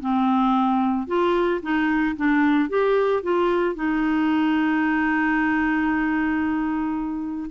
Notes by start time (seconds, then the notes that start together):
0.00 C4
1.07 F4
1.62 D#4
2.16 D4
2.69 G4
3.23 F4
3.75 D#4